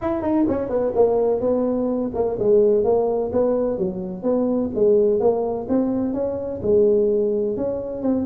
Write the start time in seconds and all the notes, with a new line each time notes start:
0.01 E4
0.22 D#4
0.48 C#4
0.69 B3
0.95 A#3
1.40 B3
2.14 A#3
2.39 G#3
2.83 A#3
3.32 B3
3.78 F#3
4.22 B3
4.74 G#3
5.19 A#3
5.68 C4
6.13 C#4
6.62 G#3
7.56 C#4
8.02 C4